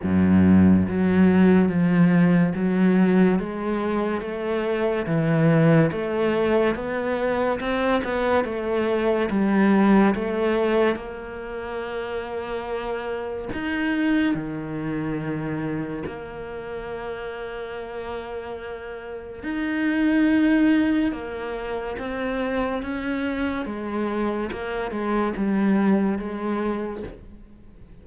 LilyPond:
\new Staff \with { instrumentName = "cello" } { \time 4/4 \tempo 4 = 71 fis,4 fis4 f4 fis4 | gis4 a4 e4 a4 | b4 c'8 b8 a4 g4 | a4 ais2. |
dis'4 dis2 ais4~ | ais2. dis'4~ | dis'4 ais4 c'4 cis'4 | gis4 ais8 gis8 g4 gis4 | }